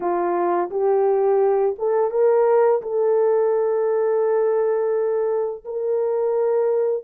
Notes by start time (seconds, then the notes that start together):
0.00 F4
0.70 G4
1.78 A4
2.10 A#4
2.82 A4
5.65 A#4